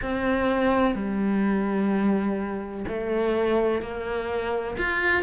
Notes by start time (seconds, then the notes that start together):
0.02 C4
0.94 G3
2.87 A3
3.81 A#3
4.77 F4